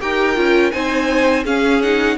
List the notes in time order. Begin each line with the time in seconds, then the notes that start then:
0.00 D#4 G4 A#4 G5
0.36 C#4 F4
0.71 C4 D#4 C5 G#5
1.44 C#4 G#4 F5
1.82 D#4 F#5